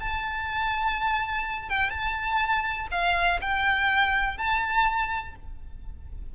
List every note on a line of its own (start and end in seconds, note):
0.00 1.69 A5
1.69 1.90 G5
1.90 2.88 A5
2.91 3.40 F5
3.41 4.38 G5
4.38 5.35 A5